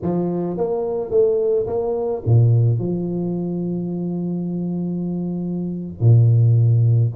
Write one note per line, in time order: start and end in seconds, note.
0.02 0.57 F3
0.57 1.10 A#3
1.10 1.66 A3
1.66 2.22 A#3
2.25 2.78 A#2
2.78 5.99 F3
5.99 7.12 A#2